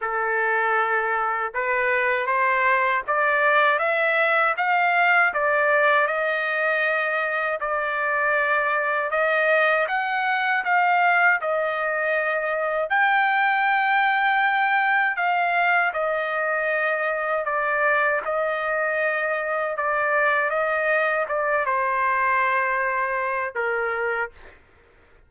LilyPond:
\new Staff \with { instrumentName = "trumpet" } { \time 4/4 \tempo 4 = 79 a'2 b'4 c''4 | d''4 e''4 f''4 d''4 | dis''2 d''2 | dis''4 fis''4 f''4 dis''4~ |
dis''4 g''2. | f''4 dis''2 d''4 | dis''2 d''4 dis''4 | d''8 c''2~ c''8 ais'4 | }